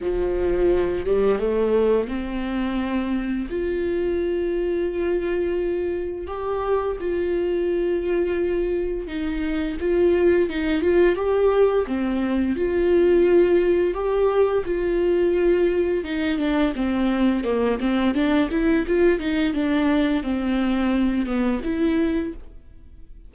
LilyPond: \new Staff \with { instrumentName = "viola" } { \time 4/4 \tempo 4 = 86 f4. g8 a4 c'4~ | c'4 f'2.~ | f'4 g'4 f'2~ | f'4 dis'4 f'4 dis'8 f'8 |
g'4 c'4 f'2 | g'4 f'2 dis'8 d'8 | c'4 ais8 c'8 d'8 e'8 f'8 dis'8 | d'4 c'4. b8 e'4 | }